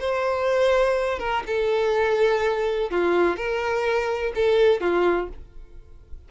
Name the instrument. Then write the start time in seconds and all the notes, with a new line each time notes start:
violin
0.00 C5
1.19 A#4
1.46 A4
2.90 F4
3.36 A#4
4.35 A4
4.80 F4